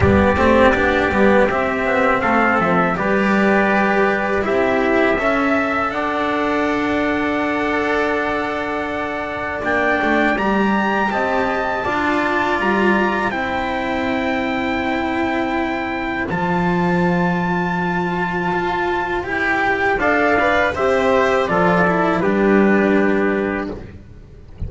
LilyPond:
<<
  \new Staff \with { instrumentName = "trumpet" } { \time 4/4 \tempo 4 = 81 d''2 e''4 f''8 e''8 | d''2 e''2 | fis''1~ | fis''4 g''4 ais''4 a''4~ |
a''4 ais''4 g''2~ | g''2 a''2~ | a''2 g''4 f''4 | e''4 d''4 b'2 | }
  \new Staff \with { instrumentName = "trumpet" } { \time 4/4 g'2. a'4 | b'2 g'4 e''4 | d''1~ | d''2. dis''4 |
d''2 c''2~ | c''1~ | c''2. d''4 | g'4 a'4 g'2 | }
  \new Staff \with { instrumentName = "cello" } { \time 4/4 b8 c'8 d'8 b8 c'2 | g'2 e'4 a'4~ | a'1~ | a'4 d'4 g'2 |
f'2 e'2~ | e'2 f'2~ | f'2 g'4 a'8 b'8 | c''4 f'8 e'8 d'2 | }
  \new Staff \with { instrumentName = "double bass" } { \time 4/4 g8 a8 b8 g8 c'8 b8 a8 f8 | g2 c'4 cis'4 | d'1~ | d'4 ais8 a8 g4 c'4 |
d'4 g4 c'2~ | c'2 f2~ | f4 f'4 e'4 d'4 | c'4 f4 g2 | }
>>